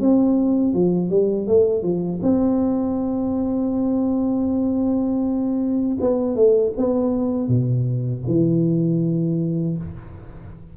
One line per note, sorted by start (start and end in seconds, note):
0.00 0.74 C4
0.74 1.09 F3
1.09 1.47 G3
1.47 1.83 A3
1.83 2.20 F3
2.22 5.98 C4
6.00 6.35 B3
6.35 6.73 A3
6.77 7.48 B3
7.48 8.23 B2
8.27 9.77 E3